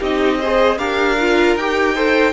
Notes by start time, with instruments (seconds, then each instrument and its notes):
0.00 cello C4, viola D#4, violin G4 D#5
0.40 viola G#4, violin C5
0.78 cello D4, viola G4, violin A#4 F5
1.21 viola F4
1.56 cello D#4, viola G4, violin G5
1.94 viola A4, violin C5